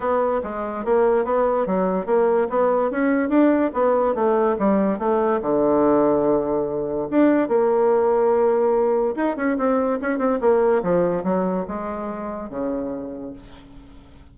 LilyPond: \new Staff \with { instrumentName = "bassoon" } { \time 4/4 \tempo 4 = 144 b4 gis4 ais4 b4 | fis4 ais4 b4 cis'4 | d'4 b4 a4 g4 | a4 d2.~ |
d4 d'4 ais2~ | ais2 dis'8 cis'8 c'4 | cis'8 c'8 ais4 f4 fis4 | gis2 cis2 | }